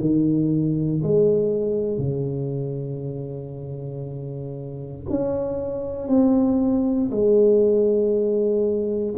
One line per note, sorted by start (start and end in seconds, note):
0.00 1.02 D#3
1.03 1.97 G#3
1.97 5.02 C#3
5.09 6.08 C#4
6.08 7.10 C4
7.10 9.14 G#3